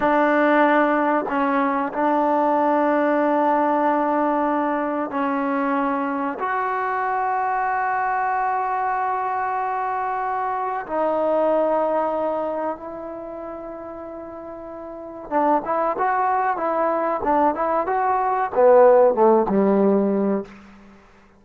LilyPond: \new Staff \with { instrumentName = "trombone" } { \time 4/4 \tempo 4 = 94 d'2 cis'4 d'4~ | d'1 | cis'2 fis'2~ | fis'1~ |
fis'4 dis'2. | e'1 | d'8 e'8 fis'4 e'4 d'8 e'8 | fis'4 b4 a8 g4. | }